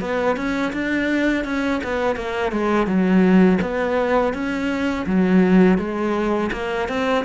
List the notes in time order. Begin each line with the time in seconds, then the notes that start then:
0.00 B3
0.36 C#4
0.73 D4
1.45 C#4
1.83 B3
2.16 A#3
2.52 G#3
2.87 F#3
3.61 B3
4.33 C#4
5.06 F#3
5.78 G#3
6.52 A#3
6.88 C4